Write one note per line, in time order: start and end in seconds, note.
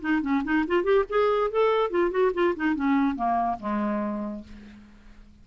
0.00 0.21 D#4
0.21 0.42 C#4
0.44 0.65 D#4
0.67 0.83 F4
0.83 1.04 G4
1.09 1.50 G#4
1.50 1.90 A4
1.90 2.10 F4
2.10 2.31 F#4
2.33 2.54 F4
2.56 2.75 D#4
2.75 3.15 C#4
3.15 3.57 A#3
3.59 4.43 G#3